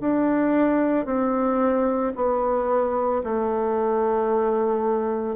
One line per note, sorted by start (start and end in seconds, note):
0.00 1.06 D4
1.06 2.13 C4
2.15 3.22 B3
3.23 5.36 A3